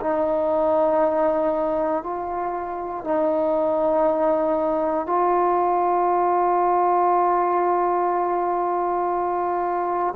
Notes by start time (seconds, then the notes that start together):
0.00 D#4
2.03 F4
3.04 D#4
5.06 F4